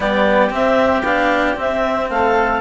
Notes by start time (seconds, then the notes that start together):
0.00 G3 B3 G4 D5
0.49 C4 E5
1.02 B3 D4 F5
1.55 C4 E5
2.09 A3 A4 F5